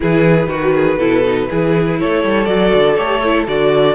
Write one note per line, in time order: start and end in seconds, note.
0.00 0.47 E3
0.00 0.48 E4
0.00 0.48 G#4
0.00 1.99 B4
0.47 0.96 D#3
0.47 0.73 F#4
0.47 0.98 F#4
0.74 0.98 G#4
0.97 1.47 B2
0.97 1.23 E4
0.97 1.48 A4
1.24 1.48 D#4
1.50 2.01 E3
1.50 2.46 E4
1.50 1.99 G#4
1.99 2.24 A3
1.99 3.94 A4
1.99 2.45 C#5
2.24 2.47 G3
2.45 2.72 F#3
2.45 2.95 F#4
2.45 2.95 D5
2.74 2.97 D3
2.95 3.47 A3
2.95 3.21 G4
2.95 3.44 C#5
3.24 3.47 E4
3.47 3.94 D3
3.47 3.94 F#4
3.47 3.94 D5